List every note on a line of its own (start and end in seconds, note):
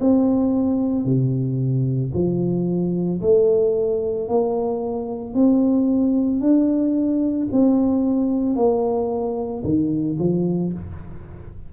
0.00 1.05 C4
1.05 2.12 C3
2.14 3.21 F3
3.21 4.28 A3
4.28 5.34 A#3
5.34 6.41 C4
6.41 7.48 D4
7.51 8.56 C4
8.56 9.63 A#3
9.64 10.17 D#3
10.19 10.73 F3